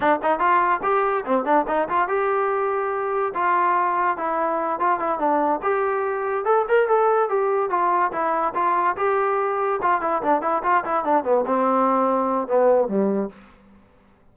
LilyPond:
\new Staff \with { instrumentName = "trombone" } { \time 4/4 \tempo 4 = 144 d'8 dis'8 f'4 g'4 c'8 d'8 | dis'8 f'8 g'2. | f'2 e'4. f'8 | e'8 d'4 g'2 a'8 |
ais'8 a'4 g'4 f'4 e'8~ | e'8 f'4 g'2 f'8 | e'8 d'8 e'8 f'8 e'8 d'8 b8 c'8~ | c'2 b4 g4 | }